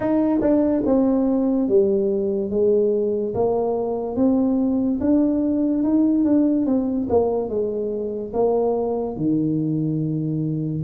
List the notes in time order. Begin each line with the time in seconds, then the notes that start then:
0.00 D#4
0.41 D4
0.85 C4
1.68 G3
2.50 G#3
3.34 A#3
4.16 C4
5.00 D4
5.83 D#4
6.24 D4
6.66 C4
7.09 A#3
7.48 G#3
8.33 A#3
9.16 D#3